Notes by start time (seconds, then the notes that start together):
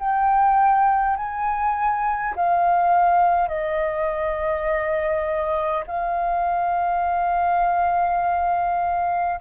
0.00 G5
1.17 G#5
2.36 F5
3.49 D#5
5.88 F5